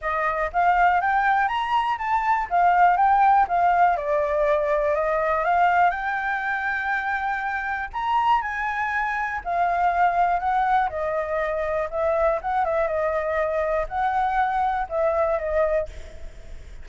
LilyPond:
\new Staff \with { instrumentName = "flute" } { \time 4/4 \tempo 4 = 121 dis''4 f''4 g''4 ais''4 | a''4 f''4 g''4 f''4 | d''2 dis''4 f''4 | g''1 |
ais''4 gis''2 f''4~ | f''4 fis''4 dis''2 | e''4 fis''8 e''8 dis''2 | fis''2 e''4 dis''4 | }